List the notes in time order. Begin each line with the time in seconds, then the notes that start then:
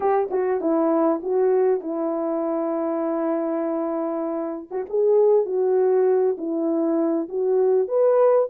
0.00 G4
0.30 F#4
0.60 E4
1.23 F#4
1.80 E4
4.70 F#4
4.89 G#4
5.45 F#4
6.37 E4
7.29 F#4
7.88 B4